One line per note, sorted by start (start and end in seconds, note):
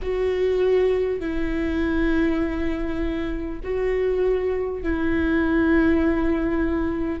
0.02 1.19 F#4
1.19 3.59 E4
3.63 4.83 F#4
4.83 7.20 E4